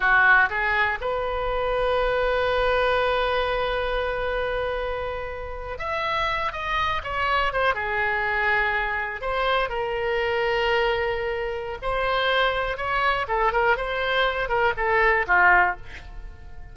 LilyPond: \new Staff \with { instrumentName = "oboe" } { \time 4/4 \tempo 4 = 122 fis'4 gis'4 b'2~ | b'1~ | b'2.~ b'8. e''16~ | e''4~ e''16 dis''4 cis''4 c''8 gis'16~ |
gis'2~ gis'8. c''4 ais'16~ | ais'1 | c''2 cis''4 a'8 ais'8 | c''4. ais'8 a'4 f'4 | }